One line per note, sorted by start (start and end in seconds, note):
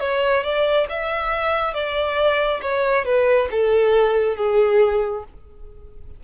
0.00 0.43 C#5
0.43 0.87 D5
0.89 1.74 E5
1.74 2.61 D5
2.62 3.05 C#5
3.05 3.49 B4
3.51 4.37 A4
4.37 5.24 G#4